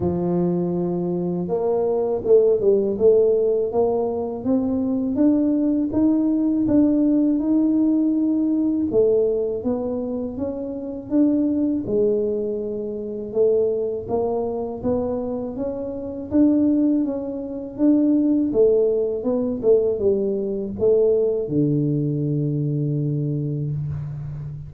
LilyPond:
\new Staff \with { instrumentName = "tuba" } { \time 4/4 \tempo 4 = 81 f2 ais4 a8 g8 | a4 ais4 c'4 d'4 | dis'4 d'4 dis'2 | a4 b4 cis'4 d'4 |
gis2 a4 ais4 | b4 cis'4 d'4 cis'4 | d'4 a4 b8 a8 g4 | a4 d2. | }